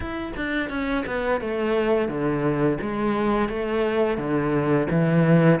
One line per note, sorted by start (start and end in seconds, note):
0.00 0.32 E4
0.36 0.69 D4
0.69 1.04 C#4
1.06 1.40 B3
1.40 2.08 A3
2.08 2.77 D3
2.81 3.49 G#3
3.49 4.17 A3
4.17 4.87 D3
4.90 5.60 E3